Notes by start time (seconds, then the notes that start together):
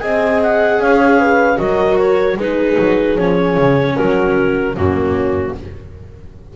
0.00 C4 G#4 D#5 G#5
0.43 F#5
0.79 C#4 C#5 F5
1.20 B4
1.57 F#3 F#4 A#4 D#5
1.98 C#5
2.37 G#3 D#4 G#4 B4
2.79 F#3
3.18 F3 C#4 C#5
3.58 C#3
3.97 F#3 F#4 A#4
4.76 F#2 A#3 C#4 F#4